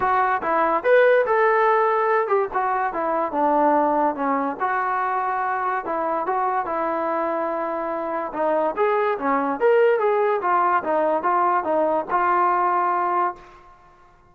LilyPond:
\new Staff \with { instrumentName = "trombone" } { \time 4/4 \tempo 4 = 144 fis'4 e'4 b'4 a'4~ | a'4. g'8 fis'4 e'4 | d'2 cis'4 fis'4~ | fis'2 e'4 fis'4 |
e'1 | dis'4 gis'4 cis'4 ais'4 | gis'4 f'4 dis'4 f'4 | dis'4 f'2. | }